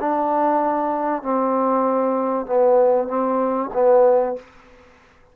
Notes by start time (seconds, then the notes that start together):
0.00 D4
1.22 C4
2.46 B3
3.08 C4
3.74 B3